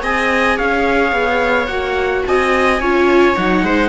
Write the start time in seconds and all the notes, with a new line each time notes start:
0.00 C4 G#4 D#5 G#5
0.56 C#4 C#5 F5
1.12 B3
1.66 A#3 F#4 F#5
2.26 C4 D#5 G#5
2.80 C#4 F4 C#5
3.36 F#3 D#4 F#5
3.62 G#3 C5